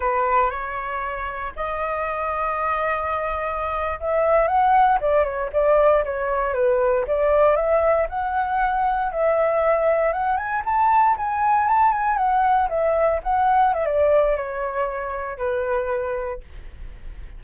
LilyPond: \new Staff \with { instrumentName = "flute" } { \time 4/4 \tempo 4 = 117 b'4 cis''2 dis''4~ | dis''2.~ dis''8. e''16~ | e''8. fis''4 d''8 cis''8 d''4 cis''16~ | cis''8. b'4 d''4 e''4 fis''16~ |
fis''4.~ fis''16 e''2 fis''16~ | fis''16 gis''8 a''4 gis''4 a''8 gis''8 fis''16~ | fis''8. e''4 fis''4 e''16 d''4 | cis''2 b'2 | }